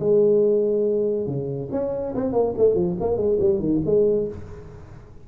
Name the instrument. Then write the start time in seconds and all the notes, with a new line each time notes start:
tuba
0.00 G#3
1.27 C#3
1.72 C#4
2.15 C4
2.33 A#3
2.58 A3
2.75 F3
3.00 A#3
3.17 G#3
3.40 G3
3.60 D#3
3.85 G#3